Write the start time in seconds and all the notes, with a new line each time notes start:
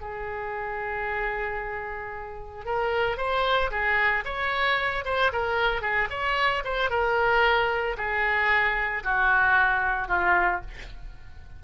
0.00 G#4
2.65 A#4
3.17 C5
3.70 G#4
4.24 C#5
5.05 C5
5.32 A#4
5.81 G#4
6.10 C#5
6.64 C5
6.90 A#4
7.97 G#4
9.03 F#4
10.08 F4